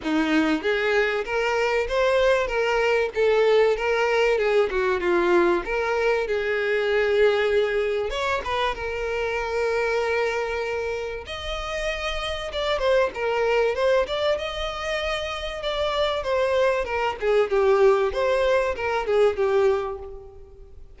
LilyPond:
\new Staff \with { instrumentName = "violin" } { \time 4/4 \tempo 4 = 96 dis'4 gis'4 ais'4 c''4 | ais'4 a'4 ais'4 gis'8 fis'8 | f'4 ais'4 gis'2~ | gis'4 cis''8 b'8 ais'2~ |
ais'2 dis''2 | d''8 c''8 ais'4 c''8 d''8 dis''4~ | dis''4 d''4 c''4 ais'8 gis'8 | g'4 c''4 ais'8 gis'8 g'4 | }